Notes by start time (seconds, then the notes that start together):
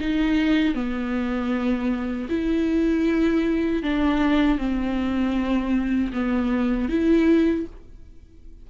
0.00 D#4
0.74 B3
2.29 E4
3.83 D4
4.58 C4
6.13 B3
6.89 E4